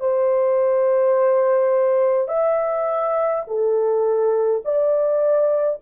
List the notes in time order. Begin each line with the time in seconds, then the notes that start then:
0.00 C5
2.28 E5
3.47 A4
4.65 D5